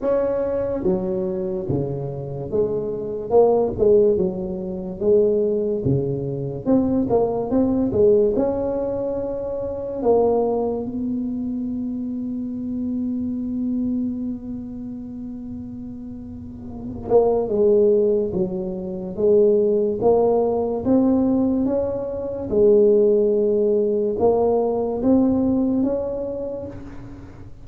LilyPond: \new Staff \with { instrumentName = "tuba" } { \time 4/4 \tempo 4 = 72 cis'4 fis4 cis4 gis4 | ais8 gis8 fis4 gis4 cis4 | c'8 ais8 c'8 gis8 cis'2 | ais4 b2.~ |
b1~ | b8 ais8 gis4 fis4 gis4 | ais4 c'4 cis'4 gis4~ | gis4 ais4 c'4 cis'4 | }